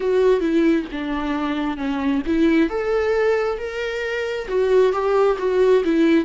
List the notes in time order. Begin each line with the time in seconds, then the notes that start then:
0.00 F#4
0.40 E4
0.91 D4
1.77 C#4
2.26 E4
2.69 A4
3.58 A#4
4.48 F#4
4.92 G4
5.38 F#4
5.84 E4